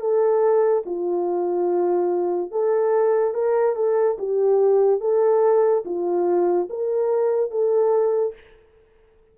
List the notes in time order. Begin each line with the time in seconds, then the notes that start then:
0.00 A4
0.86 F4
2.51 A4
3.34 A#4
3.76 A4
4.19 G4
5.00 A4
5.85 F4
6.70 A#4
7.51 A4